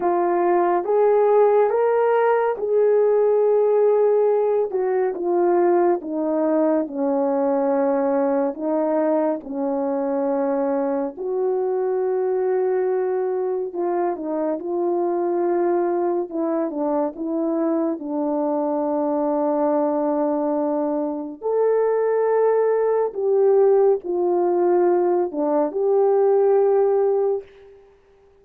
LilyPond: \new Staff \with { instrumentName = "horn" } { \time 4/4 \tempo 4 = 70 f'4 gis'4 ais'4 gis'4~ | gis'4. fis'8 f'4 dis'4 | cis'2 dis'4 cis'4~ | cis'4 fis'2. |
f'8 dis'8 f'2 e'8 d'8 | e'4 d'2.~ | d'4 a'2 g'4 | f'4. d'8 g'2 | }